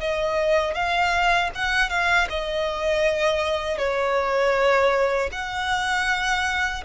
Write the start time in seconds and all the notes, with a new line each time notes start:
0.00 D#5
0.74 F5
1.55 F#5
1.90 F5
2.30 D#5
3.78 C#5
5.32 F#5